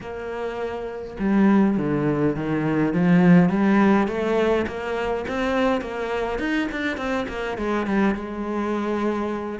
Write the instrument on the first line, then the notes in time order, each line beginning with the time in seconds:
cello
0.01 A#3
1.19 G3
1.77 D3
2.36 D#3
2.93 F3
3.49 G3
4.07 A3
4.67 A#3
5.27 C4
5.81 A#3
6.39 D#4
6.71 D4
6.97 C4
7.28 A#3
7.57 G#3
7.86 G3
8.14 G#3